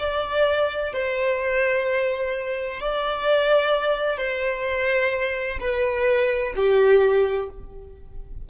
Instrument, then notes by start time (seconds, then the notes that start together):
violin
0.00 D5
0.94 C5
2.80 D5
4.18 C5
5.60 B4
6.56 G4